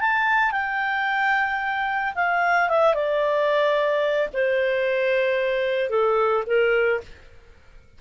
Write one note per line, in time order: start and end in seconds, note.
0.00 0.51 A5
0.51 2.14 G5
2.15 2.69 F5
2.69 2.94 E5
2.94 4.29 D5
4.33 5.90 C5
5.90 6.44 A4
6.46 7.00 A#4